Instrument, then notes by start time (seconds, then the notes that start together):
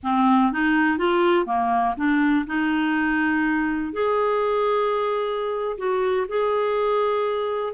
clarinet
0.03 C4
0.52 D#4
0.98 F4
1.46 A#3
1.96 D4
2.46 D#4
3.92 G#4
5.77 F#4
6.28 G#4